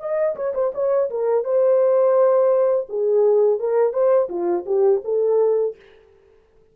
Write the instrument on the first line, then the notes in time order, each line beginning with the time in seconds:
horn
0.00 D#5
0.36 C#5
0.55 C5
0.74 C#5
1.11 A#4
1.44 C5
2.89 G#4
3.59 A#4
3.93 C5
4.29 F4
4.66 G4
5.05 A4